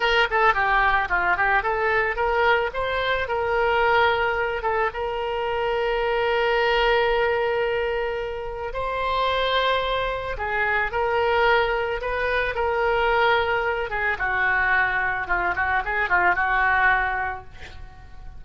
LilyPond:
\new Staff \with { instrumentName = "oboe" } { \time 4/4 \tempo 4 = 110 ais'8 a'8 g'4 f'8 g'8 a'4 | ais'4 c''4 ais'2~ | ais'8 a'8 ais'2.~ | ais'1 |
c''2. gis'4 | ais'2 b'4 ais'4~ | ais'4. gis'8 fis'2 | f'8 fis'8 gis'8 f'8 fis'2 | }